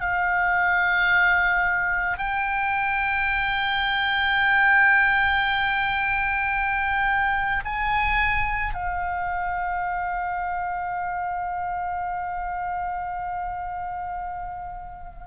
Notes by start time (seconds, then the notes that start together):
0.00 F5
2.18 G5
7.64 G#5
8.73 F5